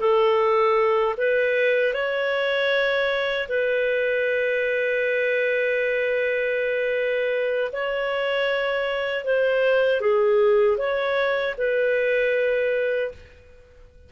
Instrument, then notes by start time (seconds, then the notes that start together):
clarinet
0.00 A4
1.17 B4
1.94 C#5
3.48 B4
7.72 C#5
9.24 C5
10.00 G#4
10.78 C#5
11.58 B4